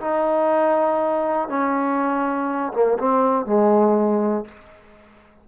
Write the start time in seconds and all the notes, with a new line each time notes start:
0.00 D#4
1.48 C#4
2.73 A#3
2.98 C4
3.46 G#3